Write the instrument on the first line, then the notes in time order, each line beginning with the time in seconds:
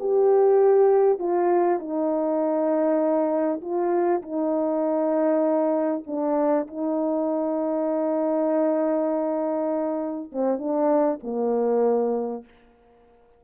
horn
0.00 G4
1.19 F4
1.79 D#4
3.61 F4
4.22 D#4
6.07 D4
6.67 D#4
10.33 C4
10.59 D4
11.23 A#3